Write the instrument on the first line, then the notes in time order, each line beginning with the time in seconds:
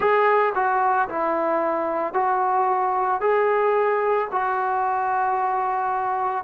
trombone
0.00 G#4
0.55 F#4
1.08 E4
2.13 F#4
3.20 G#4
4.31 F#4